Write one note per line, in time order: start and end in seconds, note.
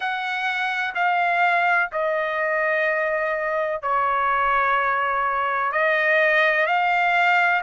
0.00 0.94 F#5
0.94 1.90 F5
1.92 3.81 D#5
3.81 5.71 C#5
5.71 6.66 D#5
6.66 7.61 F5